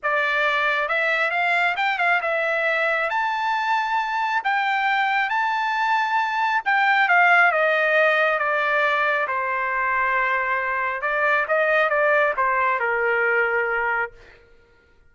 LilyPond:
\new Staff \with { instrumentName = "trumpet" } { \time 4/4 \tempo 4 = 136 d''2 e''4 f''4 | g''8 f''8 e''2 a''4~ | a''2 g''2 | a''2. g''4 |
f''4 dis''2 d''4~ | d''4 c''2.~ | c''4 d''4 dis''4 d''4 | c''4 ais'2. | }